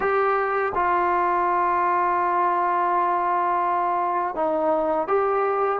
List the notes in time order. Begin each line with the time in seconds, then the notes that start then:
0.00 G4
0.74 F4
4.35 D#4
5.07 G4